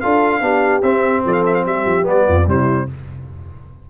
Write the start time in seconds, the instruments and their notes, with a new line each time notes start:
0.00 tuba D4, trombone F4, horn A4, trumpet F5
0.41 tuba B3, trombone D4, horn G4
0.82 tuba C4, trombone C4, trumpet E5
1.25 tuba F3, horn A4, trumpet D5
1.33 trumpet F5
1.46 trumpet E5
1.54 trumpet F5
1.65 tuba G3, horn G4, trumpet E5
1.85 tuba F3
2.03 tuba G3, trombone B3
2.09 trumpet D5
2.27 tuba F2, horn F4
2.46 tuba C3, trombone G3, horn E4, trumpet C5